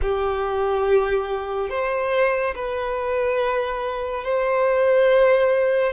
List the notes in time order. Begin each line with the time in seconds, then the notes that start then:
0.02 G4
1.69 C5
2.55 B4
4.24 C5